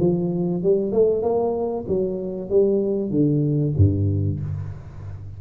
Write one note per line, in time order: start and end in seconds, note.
0.00 0.63 F3
0.63 0.92 G3
0.92 1.23 A3
1.23 1.86 A#3
1.88 2.50 F#3
2.50 3.11 G3
3.11 3.74 D3
3.77 4.40 G2